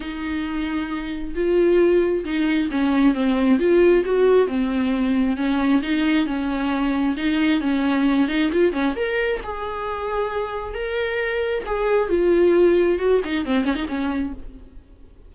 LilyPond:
\new Staff \with { instrumentName = "viola" } { \time 4/4 \tempo 4 = 134 dis'2. f'4~ | f'4 dis'4 cis'4 c'4 | f'4 fis'4 c'2 | cis'4 dis'4 cis'2 |
dis'4 cis'4. dis'8 f'8 cis'8 | ais'4 gis'2. | ais'2 gis'4 f'4~ | f'4 fis'8 dis'8 c'8 cis'16 dis'16 cis'4 | }